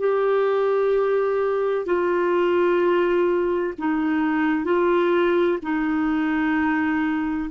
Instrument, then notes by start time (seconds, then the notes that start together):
clarinet
0.00 G4
1.86 F4
3.78 D#4
4.65 F4
5.62 D#4